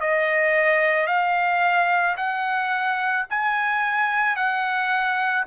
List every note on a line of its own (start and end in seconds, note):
0.00 1.06 D#5
1.06 2.15 F5
2.16 3.25 F#5
3.30 4.35 G#5
4.35 5.44 F#5